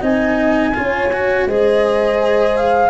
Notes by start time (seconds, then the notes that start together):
0.00 C4 D#4 D#5 G#5
0.74 C#4 F4 C#5
1.12 F#4
1.45 G#3 G#4 C5 D#5
2.56 F5